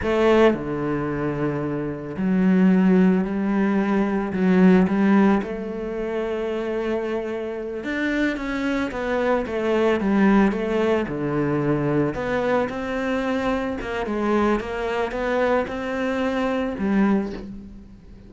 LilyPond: \new Staff \with { instrumentName = "cello" } { \time 4/4 \tempo 4 = 111 a4 d2. | fis2 g2 | fis4 g4 a2~ | a2~ a8 d'4 cis'8~ |
cis'8 b4 a4 g4 a8~ | a8 d2 b4 c'8~ | c'4. ais8 gis4 ais4 | b4 c'2 g4 | }